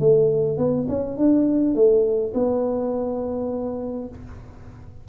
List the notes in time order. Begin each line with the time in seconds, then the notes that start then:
0.00 A3
0.58 B3
0.89 C#4
1.18 D4
1.75 A3
2.34 B3